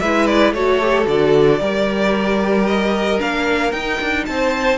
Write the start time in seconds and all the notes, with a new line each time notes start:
0.00 G#3 E4 B4 E5
0.27 D5
0.53 A3 F#4 A4 C#5
0.81 G4
1.06 D3 F#4 D5
1.60 G3 G4 A#4
2.67 D#5
3.19 A#3 D4 F5
3.72 D#4 G5
4.01 D4
4.26 C4 C5 A5